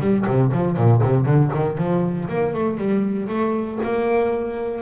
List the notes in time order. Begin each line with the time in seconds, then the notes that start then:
0.00 G3
0.27 C3
0.52 F3
0.77 A#2
1.02 C3
1.26 D3
1.55 D#3
1.78 F3
2.29 A#3
2.54 A3
2.78 G3
3.29 A3
3.83 A#3